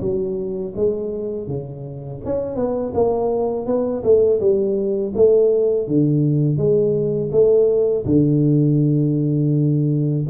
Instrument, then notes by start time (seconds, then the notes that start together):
tuba
0.00 F#3
0.75 G#3
1.47 C#3
2.25 C#4
2.55 B3
2.94 A#3
3.66 B3
4.03 A3
4.40 G3
5.15 A3
5.87 D3
6.57 G#3
7.31 A3
8.05 D3